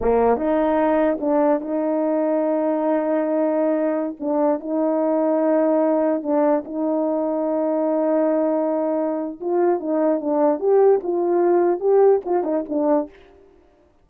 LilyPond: \new Staff \with { instrumentName = "horn" } { \time 4/4 \tempo 4 = 147 ais4 dis'2 d'4 | dis'1~ | dis'2~ dis'16 d'4 dis'8.~ | dis'2.~ dis'16 d'8.~ |
d'16 dis'2.~ dis'8.~ | dis'2. f'4 | dis'4 d'4 g'4 f'4~ | f'4 g'4 f'8 dis'8 d'4 | }